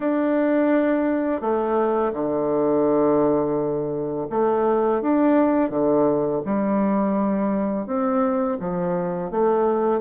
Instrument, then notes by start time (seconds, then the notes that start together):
bassoon
0.00 D4
1.41 A3
2.13 D3
4.30 A3
5.01 D4
5.69 D3
6.44 G3
7.86 C4
8.59 F3
9.31 A3